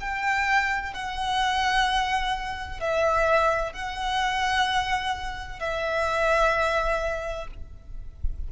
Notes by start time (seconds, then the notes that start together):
0.00 G5
0.94 F#5
2.80 E5
3.73 F#5
5.60 E5